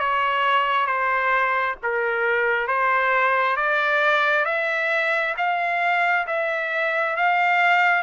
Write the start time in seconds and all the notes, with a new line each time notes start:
0.00 C#5
0.87 C5
1.83 A#4
2.68 C5
3.57 D5
4.45 E5
5.37 F5
6.27 E5
7.17 F5